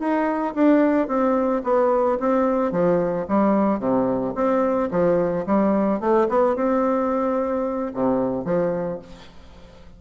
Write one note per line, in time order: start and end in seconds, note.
0.00 0.55 D#4
0.55 1.08 D4
1.08 1.63 C4
1.64 2.19 B3
2.20 2.72 C4
2.72 3.27 F3
3.29 3.80 G3
3.80 4.34 C3
4.35 4.90 C4
4.91 5.46 F3
5.47 6.01 G3
6.01 6.28 A3
6.30 6.56 B3
6.56 7.93 C4
7.94 8.45 C3
8.45 9.00 F3